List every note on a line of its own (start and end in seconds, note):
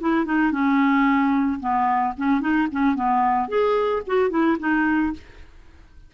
0.00 0.25 E4
0.25 0.51 D#4
0.51 1.59 C#4
1.60 2.14 B3
2.17 2.41 C#4
2.41 2.68 D#4
2.71 2.95 C#4
2.95 3.48 B3
3.48 4.02 G#4
4.07 4.30 F#4
4.30 4.57 E4
4.59 5.13 D#4